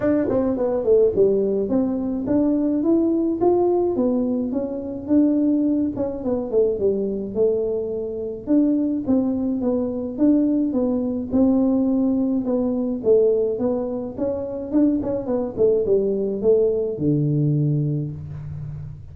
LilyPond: \new Staff \with { instrumentName = "tuba" } { \time 4/4 \tempo 4 = 106 d'8 c'8 b8 a8 g4 c'4 | d'4 e'4 f'4 b4 | cis'4 d'4. cis'8 b8 a8 | g4 a2 d'4 |
c'4 b4 d'4 b4 | c'2 b4 a4 | b4 cis'4 d'8 cis'8 b8 a8 | g4 a4 d2 | }